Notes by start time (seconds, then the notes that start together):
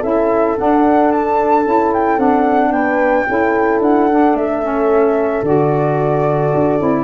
0.00 C#4 E4 A4 E5
0.57 D4 F#5
1.11 A5
1.66 C#4 E4
1.93 G5
2.18 C4 D4 F#5
2.72 B3 B4 G5
3.29 C#4 E4 A4
3.80 D4 F#5
4.10 D4
4.34 A3 E5
4.63 C#4
5.43 D3 F#4 D5
6.54 D4
6.79 C4 E4